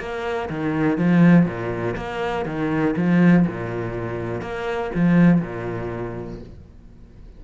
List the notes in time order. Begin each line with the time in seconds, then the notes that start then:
0.00 A#3
0.50 D#3
0.98 F3
1.46 A#2
1.97 A#3
2.46 D#3
2.97 F3
3.47 A#2
4.42 A#3
4.95 F3
5.42 A#2